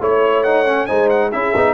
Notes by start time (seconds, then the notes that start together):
0.00 A3 E4 C#5
0.43 D#4 F#5
0.65 C#4
0.86 G#3 D#4 C5 G#5
1.09 F#5
1.32 C#4 E4 G#4 E5
1.56 B3 D#4